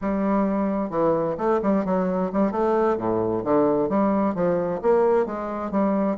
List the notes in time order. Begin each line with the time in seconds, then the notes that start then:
0.01 G3
0.90 E3
1.37 A3
1.62 G3
1.85 F#3
2.32 G3
2.51 A3
2.97 A2
3.44 D3
3.89 G3
4.34 F3
4.82 A#3
5.26 G#3
5.71 G3